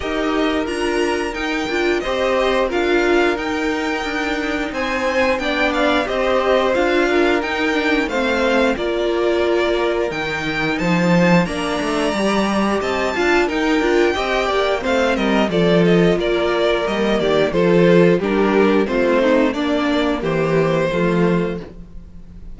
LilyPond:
<<
  \new Staff \with { instrumentName = "violin" } { \time 4/4 \tempo 4 = 89 dis''4 ais''4 g''4 dis''4 | f''4 g''2 gis''4 | g''8 f''8 dis''4 f''4 g''4 | f''4 d''2 g''4 |
a''4 ais''2 a''4 | g''2 f''8 dis''8 d''8 dis''8 | d''4 dis''8 d''8 c''4 ais'4 | c''4 d''4 c''2 | }
  \new Staff \with { instrumentName = "violin" } { \time 4/4 ais'2. c''4 | ais'2. c''4 | d''4 c''4. ais'4. | c''4 ais'2. |
c''4 d''2 dis''8 f''8 | ais'4 dis''8 d''8 c''8 ais'8 a'4 | ais'4. g'8 a'4 g'4 | f'8 dis'8 d'4 g'4 f'4 | }
  \new Staff \with { instrumentName = "viola" } { \time 4/4 g'4 f'4 dis'8 f'8 g'4 | f'4 dis'2. | d'4 g'4 f'4 dis'8 d'8 | c'4 f'2 dis'4~ |
dis'4 d'4 g'4. f'8 | dis'8 f'8 g'4 c'4 f'4~ | f'4 ais4 f'4 d'4 | c'4 ais2 a4 | }
  \new Staff \with { instrumentName = "cello" } { \time 4/4 dis'4 d'4 dis'8 d'8 c'4 | d'4 dis'4 d'4 c'4 | b4 c'4 d'4 dis'4 | a4 ais2 dis4 |
f4 ais8 a8 g4 c'8 d'8 | dis'8 d'8 c'8 ais8 a8 g8 f4 | ais4 g8 dis8 f4 g4 | a4 ais4 e4 f4 | }
>>